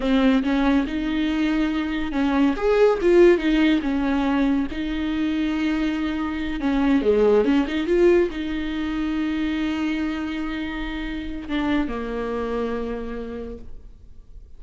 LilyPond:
\new Staff \with { instrumentName = "viola" } { \time 4/4 \tempo 4 = 141 c'4 cis'4 dis'2~ | dis'4 cis'4 gis'4 f'4 | dis'4 cis'2 dis'4~ | dis'2.~ dis'8 cis'8~ |
cis'8 gis4 cis'8 dis'8 f'4 dis'8~ | dis'1~ | dis'2. d'4 | ais1 | }